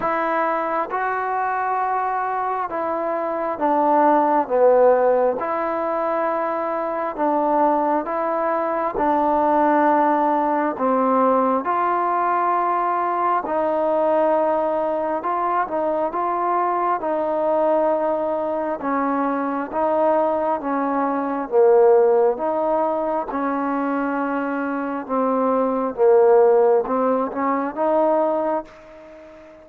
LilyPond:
\new Staff \with { instrumentName = "trombone" } { \time 4/4 \tempo 4 = 67 e'4 fis'2 e'4 | d'4 b4 e'2 | d'4 e'4 d'2 | c'4 f'2 dis'4~ |
dis'4 f'8 dis'8 f'4 dis'4~ | dis'4 cis'4 dis'4 cis'4 | ais4 dis'4 cis'2 | c'4 ais4 c'8 cis'8 dis'4 | }